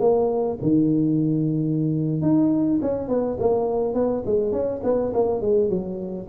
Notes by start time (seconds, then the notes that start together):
0.00 A#3
0.62 D#3
2.22 D#4
2.82 C#4
3.08 B3
3.40 A#3
3.95 B3
4.26 G#3
4.52 C#4
4.84 B3
5.14 A#3
5.41 G#3
5.70 F#3